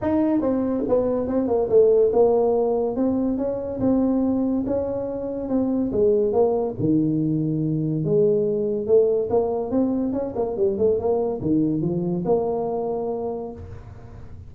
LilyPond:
\new Staff \with { instrumentName = "tuba" } { \time 4/4 \tempo 4 = 142 dis'4 c'4 b4 c'8 ais8 | a4 ais2 c'4 | cis'4 c'2 cis'4~ | cis'4 c'4 gis4 ais4 |
dis2. gis4~ | gis4 a4 ais4 c'4 | cis'8 ais8 g8 a8 ais4 dis4 | f4 ais2. | }